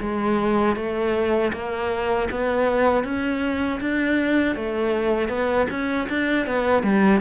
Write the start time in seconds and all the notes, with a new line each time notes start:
0.00 G#3
0.76 A3
1.52 A#3
2.31 B3
3.04 C#4
3.80 D4
4.55 A3
5.29 B3
5.70 C#4
6.09 D4
6.46 B3
6.83 G3